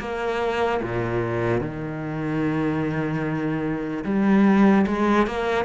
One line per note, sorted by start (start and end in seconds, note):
0.00 0.81 A#3
0.82 1.61 A#2
1.61 4.04 D#3
4.05 4.86 G3
4.87 5.27 G#3
5.27 5.66 A#3